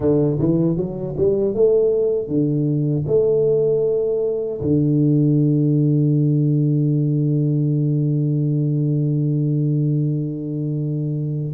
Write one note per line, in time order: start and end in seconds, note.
0.00 0.38 D3
0.39 0.76 E3
0.76 1.15 F#3
1.17 1.54 G3
1.54 2.28 A3
2.28 3.05 D3
3.07 4.60 A3
4.61 11.53 D3